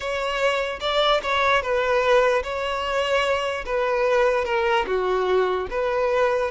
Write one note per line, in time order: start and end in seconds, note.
0.00 0.79 C#5
0.80 1.21 D5
1.22 1.61 C#5
1.61 2.43 B4
2.43 3.64 C#5
3.65 4.44 B4
4.44 4.85 A#4
4.86 5.67 F#4
5.70 6.51 B4